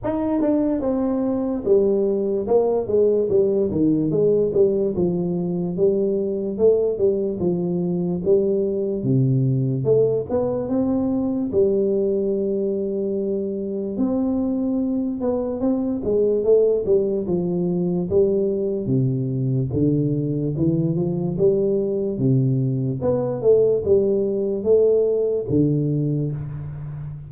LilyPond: \new Staff \with { instrumentName = "tuba" } { \time 4/4 \tempo 4 = 73 dis'8 d'8 c'4 g4 ais8 gis8 | g8 dis8 gis8 g8 f4 g4 | a8 g8 f4 g4 c4 | a8 b8 c'4 g2~ |
g4 c'4. b8 c'8 gis8 | a8 g8 f4 g4 c4 | d4 e8 f8 g4 c4 | b8 a8 g4 a4 d4 | }